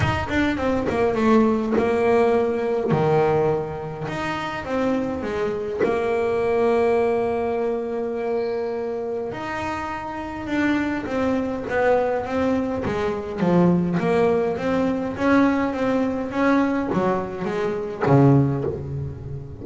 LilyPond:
\new Staff \with { instrumentName = "double bass" } { \time 4/4 \tempo 4 = 103 dis'8 d'8 c'8 ais8 a4 ais4~ | ais4 dis2 dis'4 | c'4 gis4 ais2~ | ais1 |
dis'2 d'4 c'4 | b4 c'4 gis4 f4 | ais4 c'4 cis'4 c'4 | cis'4 fis4 gis4 cis4 | }